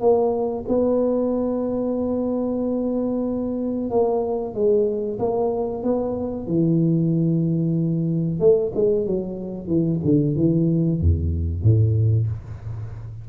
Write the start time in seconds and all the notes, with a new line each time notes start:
0.00 A#3
0.68 B3
3.90 A#3
4.54 G#3
5.19 A#3
5.82 B3
6.47 E3
8.39 A3
8.74 G#3
9.06 F#3
9.67 E3
10.04 D3
10.36 E3
11.00 E2
11.63 A2